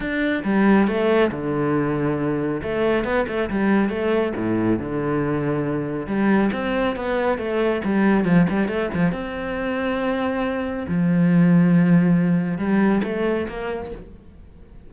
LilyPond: \new Staff \with { instrumentName = "cello" } { \time 4/4 \tempo 4 = 138 d'4 g4 a4 d4~ | d2 a4 b8 a8 | g4 a4 a,4 d4~ | d2 g4 c'4 |
b4 a4 g4 f8 g8 | a8 f8 c'2.~ | c'4 f2.~ | f4 g4 a4 ais4 | }